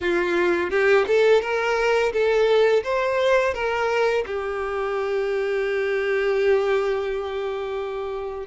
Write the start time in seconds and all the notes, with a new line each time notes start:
0.01 F4
0.70 G4
1.07 A4
1.41 A#4
2.12 A4
2.83 C5
3.54 A#4
4.26 G4